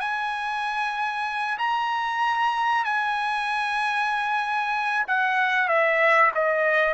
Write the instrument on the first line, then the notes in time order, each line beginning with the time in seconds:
trumpet
0.00 G#5
1.58 A#5
2.85 G#5
5.08 F#5
5.68 E5
6.35 D#5